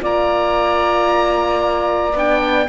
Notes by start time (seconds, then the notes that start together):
0.00 A#3 F4 D5 A#5
2.13 B3 D4 G5